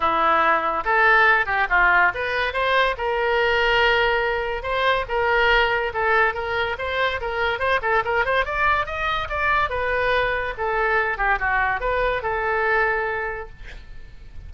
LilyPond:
\new Staff \with { instrumentName = "oboe" } { \time 4/4 \tempo 4 = 142 e'2 a'4. g'8 | f'4 b'4 c''4 ais'4~ | ais'2. c''4 | ais'2 a'4 ais'4 |
c''4 ais'4 c''8 a'8 ais'8 c''8 | d''4 dis''4 d''4 b'4~ | b'4 a'4. g'8 fis'4 | b'4 a'2. | }